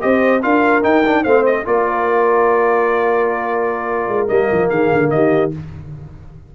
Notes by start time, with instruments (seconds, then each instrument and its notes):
0.00 tuba C4, trombone G4, horn C5, trumpet D#5
0.42 tuba D4, trombone F4, horn A#4, trumpet F5
0.83 trombone D#4, tuba D#4, trumpet G5
1.06 trombone D4
1.23 tuba A3, trombone C4, horn C5, trumpet F5
1.46 trumpet D#5
1.65 tuba A#3, trombone F4, horn A#4, trumpet D5
4.08 tuba G#3
4.28 tuba G3, trombone A#3, trumpet D#5
4.52 tuba F3
4.69 tuba D#3, horn G#4, trumpet F5
4.92 tuba D3
5.10 tuba D#3, horn G4, trumpet D#5